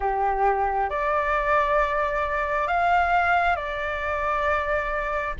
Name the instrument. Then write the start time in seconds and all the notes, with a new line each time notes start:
flute
0.00 G4
0.89 D5
2.67 F5
3.55 D5